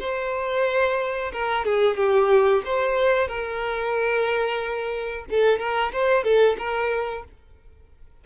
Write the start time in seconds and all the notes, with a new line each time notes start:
0.00 C5
1.33 A#4
1.65 G#4
1.97 G4
2.65 C5
3.28 A#4
5.30 A4
5.59 A#4
5.93 C5
6.24 A4
6.58 A#4